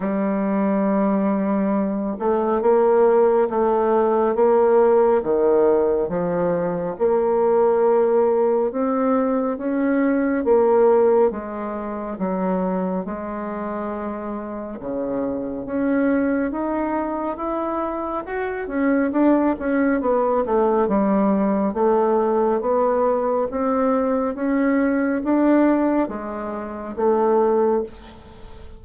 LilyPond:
\new Staff \with { instrumentName = "bassoon" } { \time 4/4 \tempo 4 = 69 g2~ g8 a8 ais4 | a4 ais4 dis4 f4 | ais2 c'4 cis'4 | ais4 gis4 fis4 gis4~ |
gis4 cis4 cis'4 dis'4 | e'4 fis'8 cis'8 d'8 cis'8 b8 a8 | g4 a4 b4 c'4 | cis'4 d'4 gis4 a4 | }